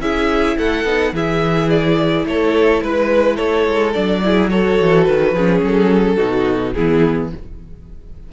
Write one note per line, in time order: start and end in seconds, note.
0.00 0.56 C#4
0.00 0.86 E4
0.00 0.57 G#4
0.00 0.57 E5
0.58 0.84 A3
0.58 1.14 A4
0.58 1.15 F#5
0.84 1.12 B3
0.84 1.14 D#4
1.13 2.25 E3
1.13 3.94 E4
1.13 2.26 G#4
1.13 1.70 E5
1.70 2.26 D5
2.25 2.81 A3
2.25 2.84 A4
2.25 2.82 C#5
2.82 3.38 G#3
2.82 3.37 B4
2.82 3.36 B4
3.36 3.67 A3
3.36 4.20 A4
3.36 3.93 C#5
3.67 3.95 G#3
3.93 4.80 F#3
3.93 4.22 D4
3.93 4.49 D5
4.23 4.51 E4
4.23 4.51 G#4
4.50 5.35 F#4
4.50 5.35 A4
4.50 5.04 C#5
4.80 5.08 E3
5.04 5.32 D#3
5.04 5.60 B4
5.32 5.60 F3
5.32 6.17 C#4
5.32 6.16 G#4
5.61 6.17 F#3
5.61 6.73 A4
6.16 6.76 B2
6.16 6.73 D#4
6.16 6.72 F#4
6.73 7.33 E3
6.73 7.33 B3
6.73 7.32 E4
6.73 7.29 G#4